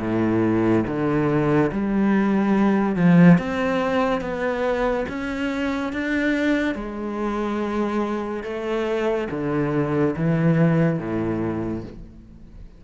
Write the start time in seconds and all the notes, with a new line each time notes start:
0.00 A2
0.86 D3
1.72 G3
2.96 F3
3.38 C4
4.21 B3
5.08 C#4
5.93 D4
6.75 G#3
8.43 A3
9.30 D3
10.16 E3
10.99 A2